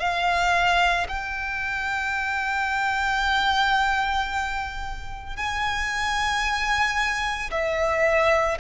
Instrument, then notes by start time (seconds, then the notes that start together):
violin
0.00 F5
1.09 G5
5.37 G#5
7.51 E5